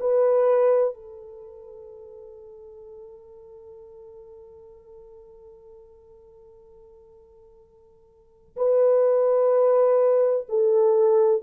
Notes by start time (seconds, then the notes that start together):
0.00 B4
0.94 A4
8.56 B4
10.49 A4